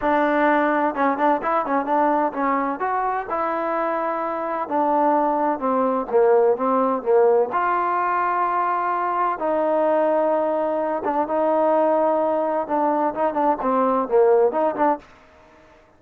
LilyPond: \new Staff \with { instrumentName = "trombone" } { \time 4/4 \tempo 4 = 128 d'2 cis'8 d'8 e'8 cis'8 | d'4 cis'4 fis'4 e'4~ | e'2 d'2 | c'4 ais4 c'4 ais4 |
f'1 | dis'2.~ dis'8 d'8 | dis'2. d'4 | dis'8 d'8 c'4 ais4 dis'8 d'8 | }